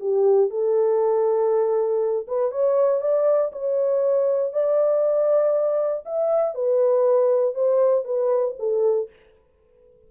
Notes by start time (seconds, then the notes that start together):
0.00 G4
0.50 A4
2.27 B4
2.51 C#5
3.01 D5
3.52 C#5
4.53 D5
6.05 E5
6.55 B4
7.54 C5
8.05 B4
8.59 A4